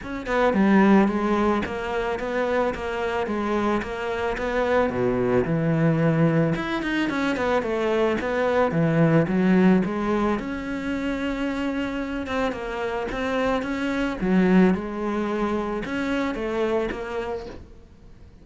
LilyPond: \new Staff \with { instrumentName = "cello" } { \time 4/4 \tempo 4 = 110 cis'8 b8 g4 gis4 ais4 | b4 ais4 gis4 ais4 | b4 b,4 e2 | e'8 dis'8 cis'8 b8 a4 b4 |
e4 fis4 gis4 cis'4~ | cis'2~ cis'8 c'8 ais4 | c'4 cis'4 fis4 gis4~ | gis4 cis'4 a4 ais4 | }